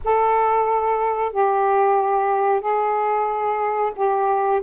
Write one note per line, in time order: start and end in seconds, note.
0.04 1.32 A4
1.32 2.60 G4
2.60 3.92 G#4
3.95 4.61 G4